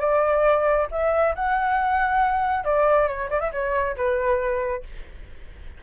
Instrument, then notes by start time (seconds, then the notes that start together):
flute
0.00 D5
0.91 E5
1.35 F#5
2.64 D5
3.07 C#5
3.30 D5
3.40 E5
3.52 C#5
3.96 B4